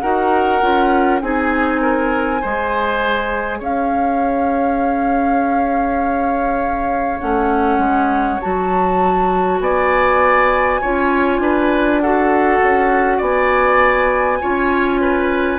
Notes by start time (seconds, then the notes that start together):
0.00 D#4 F#4 A#4 F#5
0.61 C#4 F4
1.21 C4 D#4 G#4 G#5
1.81 A#4
2.41 G#3 G#4 C5
3.59 C#4 C#5 F5
7.20 A3 C#4 F#5
7.78 G#3
8.41 F#3 F#4 A5
9.60 B3 D5 G#5
10.81 C#4 F4 C#5
11.39 D4 B4
12.01 F#4 A4 F#5
12.63 C#4
13.18 B3 D5 G#5
14.42 C#4 F4 C#5
15.01 B4